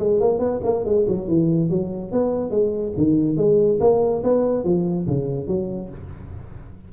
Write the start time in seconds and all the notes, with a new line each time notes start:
0.00 G#3
0.21 A#3
0.40 B3
0.64 A#3
0.85 G#3
1.08 F#3
1.28 E3
1.70 F#3
2.12 B3
2.51 G#3
2.97 D#3
3.37 G#3
3.81 A#3
4.24 B3
4.65 F3
5.07 C#3
5.48 F#3